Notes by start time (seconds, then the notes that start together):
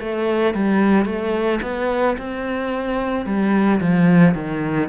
0.00 A3
0.54 G3
1.05 A3
1.62 B3
2.17 C4
3.25 G3
3.80 F3
4.34 D#3